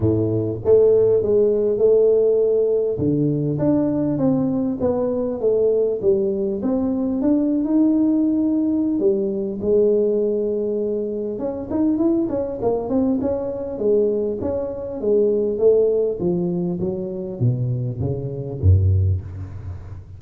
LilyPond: \new Staff \with { instrumentName = "tuba" } { \time 4/4 \tempo 4 = 100 a,4 a4 gis4 a4~ | a4 d4 d'4 c'4 | b4 a4 g4 c'4 | d'8. dis'2~ dis'16 g4 |
gis2. cis'8 dis'8 | e'8 cis'8 ais8 c'8 cis'4 gis4 | cis'4 gis4 a4 f4 | fis4 b,4 cis4 fis,4 | }